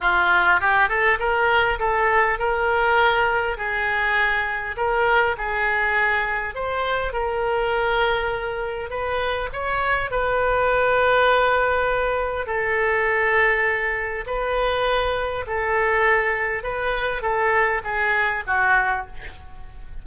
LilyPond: \new Staff \with { instrumentName = "oboe" } { \time 4/4 \tempo 4 = 101 f'4 g'8 a'8 ais'4 a'4 | ais'2 gis'2 | ais'4 gis'2 c''4 | ais'2. b'4 |
cis''4 b'2.~ | b'4 a'2. | b'2 a'2 | b'4 a'4 gis'4 fis'4 | }